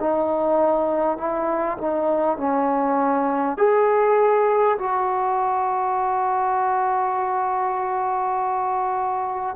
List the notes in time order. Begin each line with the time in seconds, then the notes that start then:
0.00 D#4
1.18 E4
1.78 D#4
2.38 C#4
3.58 G#4
4.79 F#4